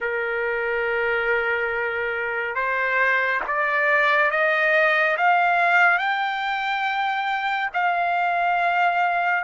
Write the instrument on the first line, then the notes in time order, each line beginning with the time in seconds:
trumpet
0.00 A#4
2.55 C5
3.47 D5
4.31 D#5
5.17 F5
5.98 G5
7.73 F5